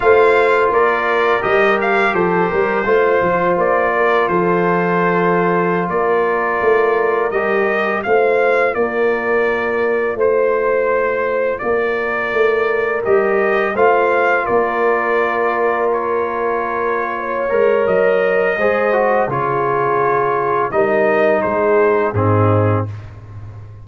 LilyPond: <<
  \new Staff \with { instrumentName = "trumpet" } { \time 4/4 \tempo 4 = 84 f''4 d''4 dis''8 f''8 c''4~ | c''4 d''4 c''2~ | c''16 d''2 dis''4 f''8.~ | f''16 d''2 c''4.~ c''16~ |
c''16 d''2 dis''4 f''8.~ | f''16 d''2 cis''4.~ cis''16~ | cis''4 dis''2 cis''4~ | cis''4 dis''4 c''4 gis'4 | }
  \new Staff \with { instrumentName = "horn" } { \time 4/4 c''4 ais'2 a'8 ais'8 | c''4. ais'8 a'2~ | a'16 ais'2. c''8.~ | c''16 ais'2 c''4.~ c''16~ |
c''16 ais'2. c''8.~ | c''16 ais'2.~ ais'8. | cis''2 c''4 gis'4~ | gis'4 ais'4 gis'4 dis'4 | }
  \new Staff \with { instrumentName = "trombone" } { \time 4/4 f'2 g'2 | f'1~ | f'2~ f'16 g'4 f'8.~ | f'1~ |
f'2~ f'16 g'4 f'8.~ | f'1~ | f'8 ais'4. gis'8 fis'8 f'4~ | f'4 dis'2 c'4 | }
  \new Staff \with { instrumentName = "tuba" } { \time 4/4 a4 ais4 g4 f8 g8 | a8 f8 ais4 f2~ | f16 ais4 a4 g4 a8.~ | a16 ais2 a4.~ a16~ |
a16 ais4 a4 g4 a8.~ | a16 ais2.~ ais8.~ | ais8 gis8 fis4 gis4 cis4~ | cis4 g4 gis4 gis,4 | }
>>